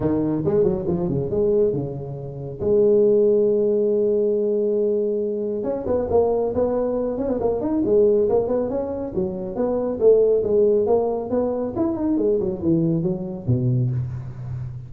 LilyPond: \new Staff \with { instrumentName = "tuba" } { \time 4/4 \tempo 4 = 138 dis4 gis8 fis8 f8 cis8 gis4 | cis2 gis2~ | gis1~ | gis4 cis'8 b8 ais4 b4~ |
b8 cis'16 b16 ais8 dis'8 gis4 ais8 b8 | cis'4 fis4 b4 a4 | gis4 ais4 b4 e'8 dis'8 | gis8 fis8 e4 fis4 b,4 | }